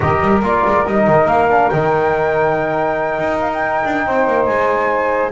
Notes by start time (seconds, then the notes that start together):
0.00 D#3 G4 A#4 D#5
0.21 G3
0.42 A#3 F4 D5
0.66 G#3
0.86 G3 D#4 D#5
1.07 D#3
1.25 A#3 F5
1.49 D4
1.69 D#3 D#4 G5
3.19 D#4
3.40 F5
3.53 G5
3.84 D4
4.05 C4 C5
4.27 A#3
4.44 G#3 G#5